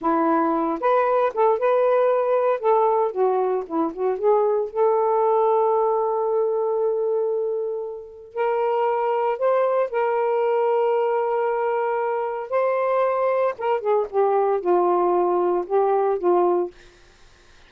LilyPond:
\new Staff \with { instrumentName = "saxophone" } { \time 4/4 \tempo 4 = 115 e'4. b'4 a'8 b'4~ | b'4 a'4 fis'4 e'8 fis'8 | gis'4 a'2.~ | a'1 |
ais'2 c''4 ais'4~ | ais'1 | c''2 ais'8 gis'8 g'4 | f'2 g'4 f'4 | }